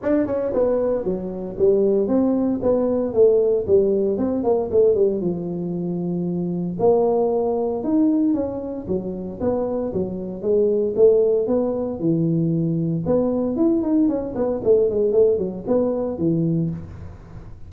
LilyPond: \new Staff \with { instrumentName = "tuba" } { \time 4/4 \tempo 4 = 115 d'8 cis'8 b4 fis4 g4 | c'4 b4 a4 g4 | c'8 ais8 a8 g8 f2~ | f4 ais2 dis'4 |
cis'4 fis4 b4 fis4 | gis4 a4 b4 e4~ | e4 b4 e'8 dis'8 cis'8 b8 | a8 gis8 a8 fis8 b4 e4 | }